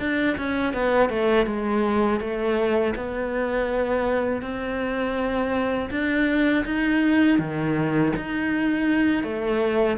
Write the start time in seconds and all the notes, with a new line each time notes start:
0.00 D4
0.38 C#4
0.74 B3
1.10 A3
1.47 G#3
2.21 A3
2.96 B3
4.42 C4
5.91 D4
6.65 D#4
7.39 D#3
8.16 D#4
9.24 A3